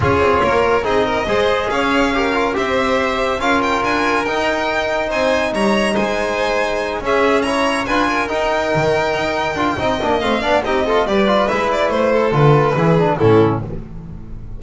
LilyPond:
<<
  \new Staff \with { instrumentName = "violin" } { \time 4/4 \tempo 4 = 141 cis''2 dis''2 | f''2 e''2 | f''8 g''8 gis''4 g''2 | gis''4 ais''4 gis''2~ |
gis''8 e''4 ais''4 gis''4 g''8~ | g''1 | f''4 dis''4 d''4 e''8 d''8 | c''4 b'2 a'4 | }
  \new Staff \with { instrumentName = "violin" } { \time 4/4 gis'4 ais'4 gis'8 ais'8 c''4 | cis''4 ais'4 c''2 | ais'1 | c''4 cis''4 c''2~ |
c''8 gis'4 cis''4 b'8 ais'4~ | ais'2. dis''4~ | dis''8 d''8 g'8 a'8 b'2~ | b'8 a'4. gis'4 e'4 | }
  \new Staff \with { instrumentName = "trombone" } { \time 4/4 f'2 dis'4 gis'4~ | gis'4 g'8 f'8 g'2 | f'2 dis'2~ | dis'1~ |
dis'8 cis'4 e'4 f'4 dis'8~ | dis'2~ dis'8 f'8 dis'8 d'8 | c'8 d'8 dis'8 f'8 g'8 f'8 e'4~ | e'4 f'4 e'8 d'8 cis'4 | }
  \new Staff \with { instrumentName = "double bass" } { \time 4/4 cis'8 c'8 ais4 c'4 gis4 | cis'2 c'2 | cis'4 d'4 dis'2 | c'4 g4 gis2~ |
gis8 cis'2 d'4 dis'8~ | dis'8 dis4 dis'4 d'8 c'8 ais8 | a8 b8 c'4 g4 gis4 | a4 d4 e4 a,4 | }
>>